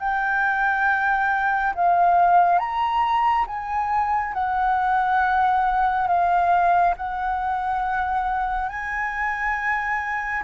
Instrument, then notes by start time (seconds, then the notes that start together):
flute
0.00 G5
1.75 F5
2.59 A#5
3.47 G#5
4.34 F#5
6.08 F5
6.97 F#5
8.69 G#5